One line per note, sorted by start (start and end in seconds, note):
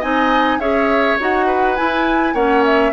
0.00 0.59 C4
0.00 0.61 D#4
0.00 0.58 D#5
0.00 0.60 G#5
0.59 1.17 C#4
0.59 1.19 G#4
0.59 1.47 C#5
0.59 1.18 E5
1.20 1.79 D#4
1.20 1.77 F#4
1.20 1.76 F#5
1.47 2.34 B4
1.76 2.35 E4
1.76 2.34 E4
1.76 2.35 G#5
2.34 2.92 A#3
2.34 2.93 C#4
2.34 2.92 C#5
2.34 2.64 F#5
2.65 2.93 E5